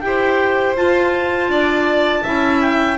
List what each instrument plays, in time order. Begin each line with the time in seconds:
0.00 double bass E4, clarinet G4 G5
0.06 violin C5
0.76 double bass F4, clarinet F4 A5
1.48 double bass D4, violin D5
2.23 double bass C#4, clarinet E4, violin E5
2.61 clarinet G5